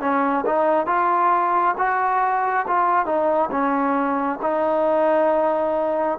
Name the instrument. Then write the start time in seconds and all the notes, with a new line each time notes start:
trombone
0.00 C#4
0.46 D#4
0.86 F4
1.78 F#4
2.67 F4
3.06 D#4
3.51 C#4
4.42 D#4